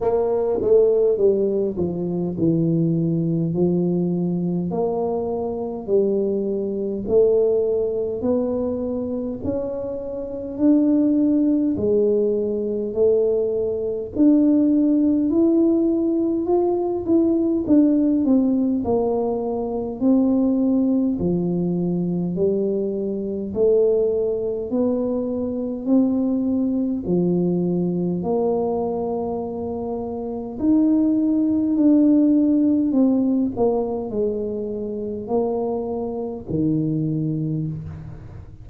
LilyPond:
\new Staff \with { instrumentName = "tuba" } { \time 4/4 \tempo 4 = 51 ais8 a8 g8 f8 e4 f4 | ais4 g4 a4 b4 | cis'4 d'4 gis4 a4 | d'4 e'4 f'8 e'8 d'8 c'8 |
ais4 c'4 f4 g4 | a4 b4 c'4 f4 | ais2 dis'4 d'4 | c'8 ais8 gis4 ais4 dis4 | }